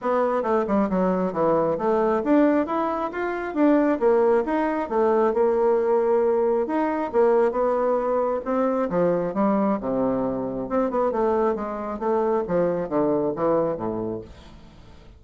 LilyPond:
\new Staff \with { instrumentName = "bassoon" } { \time 4/4 \tempo 4 = 135 b4 a8 g8 fis4 e4 | a4 d'4 e'4 f'4 | d'4 ais4 dis'4 a4 | ais2. dis'4 |
ais4 b2 c'4 | f4 g4 c2 | c'8 b8 a4 gis4 a4 | f4 d4 e4 a,4 | }